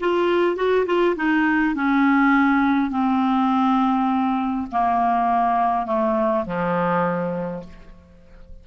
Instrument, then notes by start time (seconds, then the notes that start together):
clarinet
0.00 F4
0.56 F#4
0.86 F4
1.16 D#4
1.75 C#4
2.90 C4
4.72 A#3
5.86 A3
6.45 F3